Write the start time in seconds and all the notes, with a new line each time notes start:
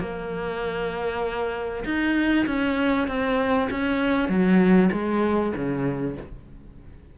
0.00 A#3
1.85 D#4
2.46 C#4
3.08 C4
3.70 C#4
4.28 F#3
4.92 G#3
5.55 C#3